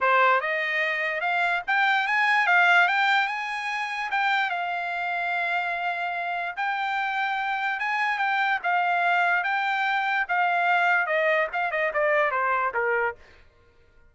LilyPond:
\new Staff \with { instrumentName = "trumpet" } { \time 4/4 \tempo 4 = 146 c''4 dis''2 f''4 | g''4 gis''4 f''4 g''4 | gis''2 g''4 f''4~ | f''1 |
g''2. gis''4 | g''4 f''2 g''4~ | g''4 f''2 dis''4 | f''8 dis''8 d''4 c''4 ais'4 | }